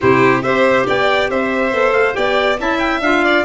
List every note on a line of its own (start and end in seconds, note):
0.00 0.44 C3
0.00 0.43 E4
0.00 0.43 G4
0.00 0.42 C5
0.42 0.87 C4
0.42 1.72 G4
0.42 0.86 C5
0.42 0.85 E5
0.86 1.29 B3
0.86 1.29 D5
0.86 1.30 G5
1.29 1.72 C4
1.29 2.16 C5
1.29 1.92 E5
1.72 1.92 B3
1.72 2.13 A4
1.92 2.14 A3
1.92 2.14 F5
2.13 2.59 B3
2.13 2.56 G4
2.13 2.59 D5
2.13 2.57 G5
2.59 3.00 C#4
2.59 3.02 E4
2.59 3.24 E5
2.59 2.79 A5
2.79 3.00 G5
3.00 3.43 D4
3.00 3.45 F4
3.00 3.45 F5
3.24 3.45 D5